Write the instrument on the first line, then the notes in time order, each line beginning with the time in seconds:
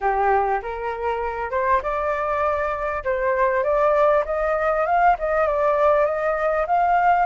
flute
0.00 G4
0.62 A#4
1.50 C5
1.82 D5
3.04 C5
3.63 D5
4.25 D#5
4.86 F5
5.18 D#5
5.47 D5
6.05 D#5
6.66 F5